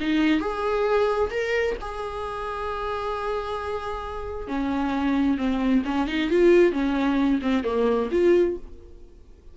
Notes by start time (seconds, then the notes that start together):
0.00 D#4
0.40 G#4
1.31 A#4
1.81 G#4
4.48 C#4
5.37 C4
5.85 C#4
6.07 D#4
6.30 F4
6.72 C#4
7.42 C4
7.64 A#3
8.11 F4